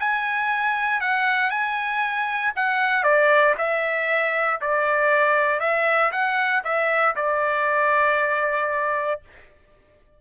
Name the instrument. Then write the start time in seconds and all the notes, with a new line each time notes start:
trumpet
0.00 G#5
1.01 F#5
1.50 G#5
2.56 F#5
3.04 D5
3.58 E5
4.62 D5
5.60 E5
6.12 F#5
6.65 E5
7.16 D5